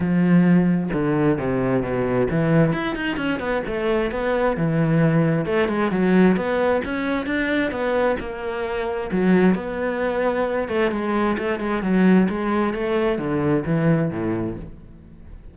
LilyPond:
\new Staff \with { instrumentName = "cello" } { \time 4/4 \tempo 4 = 132 f2 d4 c4 | b,4 e4 e'8 dis'8 cis'8 b8 | a4 b4 e2 | a8 gis8 fis4 b4 cis'4 |
d'4 b4 ais2 | fis4 b2~ b8 a8 | gis4 a8 gis8 fis4 gis4 | a4 d4 e4 a,4 | }